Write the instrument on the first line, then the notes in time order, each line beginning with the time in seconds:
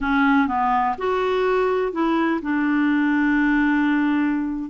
clarinet
0.00 C#4
0.47 B3
0.98 F#4
1.92 E4
2.42 D4